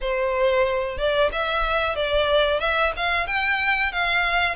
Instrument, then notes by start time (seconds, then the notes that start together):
violin
0.01 C5
0.98 D5
1.32 E5
1.95 D5
2.60 E5
2.96 F5
3.26 G5
3.91 F5